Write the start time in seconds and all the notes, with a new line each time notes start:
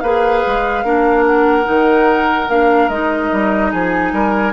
0.00 A#3 G#4 B4 F5
0.46 G#3
0.84 A#3 D4 A#4
1.26 F#5
1.64 D#3 D#4
2.48 A#3 D4 F5
2.89 G#3 D#4 D#5
3.32 G3
3.71 F3 G#4 G#5
4.12 G3 A#4